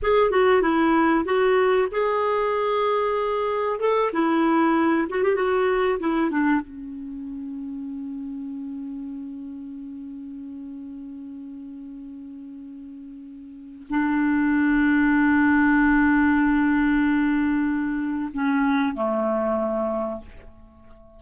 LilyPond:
\new Staff \with { instrumentName = "clarinet" } { \time 4/4 \tempo 4 = 95 gis'8 fis'8 e'4 fis'4 gis'4~ | gis'2 a'8 e'4. | fis'16 g'16 fis'4 e'8 d'8 cis'4.~ | cis'1~ |
cis'1~ | cis'2 d'2~ | d'1~ | d'4 cis'4 a2 | }